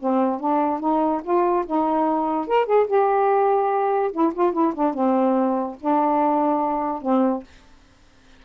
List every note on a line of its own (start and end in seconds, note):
0.00 0.40 C4
0.40 0.80 D4
0.80 1.22 D#4
1.24 1.65 F4
1.66 2.48 D#4
2.48 2.66 A#4
2.66 2.87 G#4
2.87 4.12 G4
4.12 4.33 E4
4.34 4.53 F4
4.53 4.73 E4
4.74 4.94 D4
4.94 5.77 C4
5.81 7.02 D4
7.02 7.44 C4